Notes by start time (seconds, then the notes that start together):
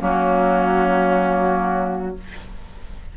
0.00 F#3 A#3 C#4 F#4